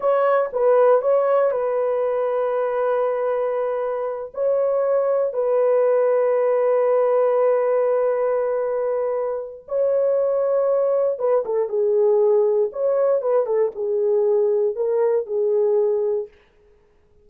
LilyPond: \new Staff \with { instrumentName = "horn" } { \time 4/4 \tempo 4 = 118 cis''4 b'4 cis''4 b'4~ | b'1~ | b'8 cis''2 b'4.~ | b'1~ |
b'2. cis''4~ | cis''2 b'8 a'8 gis'4~ | gis'4 cis''4 b'8 a'8 gis'4~ | gis'4 ais'4 gis'2 | }